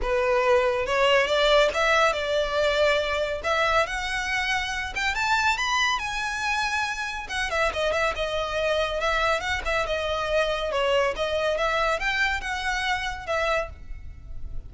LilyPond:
\new Staff \with { instrumentName = "violin" } { \time 4/4 \tempo 4 = 140 b'2 cis''4 d''4 | e''4 d''2. | e''4 fis''2~ fis''8 g''8 | a''4 b''4 gis''2~ |
gis''4 fis''8 e''8 dis''8 e''8 dis''4~ | dis''4 e''4 fis''8 e''8 dis''4~ | dis''4 cis''4 dis''4 e''4 | g''4 fis''2 e''4 | }